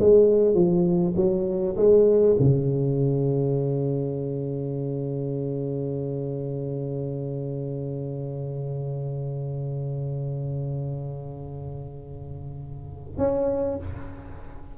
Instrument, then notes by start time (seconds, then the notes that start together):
tuba
0.00 G#3
0.55 F3
1.16 F#3
1.77 G#3
2.40 C#3
13.18 C#4